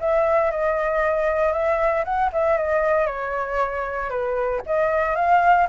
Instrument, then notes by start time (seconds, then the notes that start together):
flute
0.00 E5
0.51 D#5
1.53 E5
2.05 F#5
2.33 E5
2.57 D#5
3.06 C#5
4.10 B4
4.66 D#5
5.16 F5